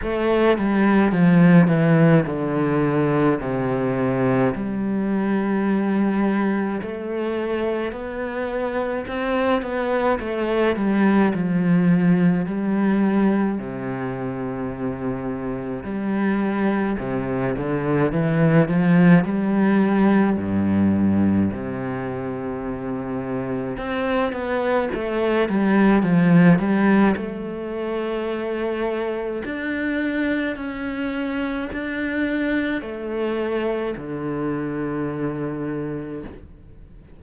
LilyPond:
\new Staff \with { instrumentName = "cello" } { \time 4/4 \tempo 4 = 53 a8 g8 f8 e8 d4 c4 | g2 a4 b4 | c'8 b8 a8 g8 f4 g4 | c2 g4 c8 d8 |
e8 f8 g4 g,4 c4~ | c4 c'8 b8 a8 g8 f8 g8 | a2 d'4 cis'4 | d'4 a4 d2 | }